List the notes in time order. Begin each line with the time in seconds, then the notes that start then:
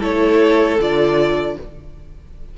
0.00 A3 E4 A4 C#5
0.80 D3 F4 D5